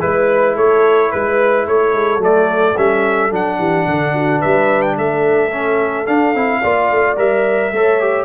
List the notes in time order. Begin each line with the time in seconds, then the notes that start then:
0.00 G#3 E4 B4
0.55 A3 A4 C#5
1.11 G#3 B4
1.67 A3 A4 C#5
1.93 G#3
2.18 F#3 A3 D5
2.77 G3 C#4 E5
3.31 F#3 D4 F#5
3.58 E3 G4
3.87 D3 A4
4.14 F#4
4.39 G3 B4 E5
4.82 G5
4.97 A3 A4 E5
5.51 C#4
6.07 D4 F5
6.35 C4 E4
6.61 A#3 F4 D5
6.91 A3
7.16 G3 A#4 E5
7.72 A3 A4 C#5
8.00 G4